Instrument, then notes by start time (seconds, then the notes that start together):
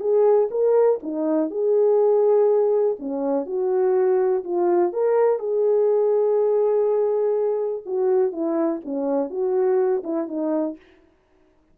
horn
0.00 G#4
0.51 A#4
1.03 D#4
1.51 G#4
2.99 C#4
3.46 F#4
4.44 F4
4.93 A#4
5.39 G#4
7.86 F#4
8.32 E4
8.85 C#4
9.30 F#4
10.04 E4
10.28 D#4